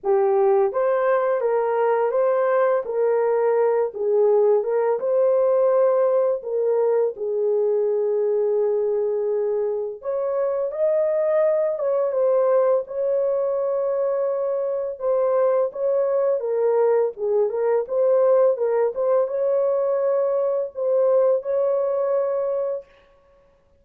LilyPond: \new Staff \with { instrumentName = "horn" } { \time 4/4 \tempo 4 = 84 g'4 c''4 ais'4 c''4 | ais'4. gis'4 ais'8 c''4~ | c''4 ais'4 gis'2~ | gis'2 cis''4 dis''4~ |
dis''8 cis''8 c''4 cis''2~ | cis''4 c''4 cis''4 ais'4 | gis'8 ais'8 c''4 ais'8 c''8 cis''4~ | cis''4 c''4 cis''2 | }